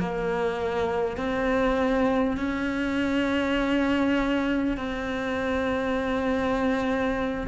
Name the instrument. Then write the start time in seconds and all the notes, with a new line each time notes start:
cello
0.00 A#3
1.18 C4
2.37 C#4
4.77 C4